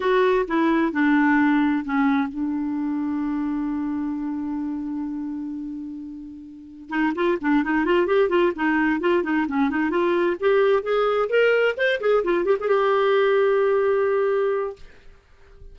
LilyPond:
\new Staff \with { instrumentName = "clarinet" } { \time 4/4 \tempo 4 = 130 fis'4 e'4 d'2 | cis'4 d'2.~ | d'1~ | d'2. dis'8 f'8 |
d'8 dis'8 f'8 g'8 f'8 dis'4 f'8 | dis'8 cis'8 dis'8 f'4 g'4 gis'8~ | gis'8 ais'4 c''8 gis'8 f'8 g'16 gis'16 g'8~ | g'1 | }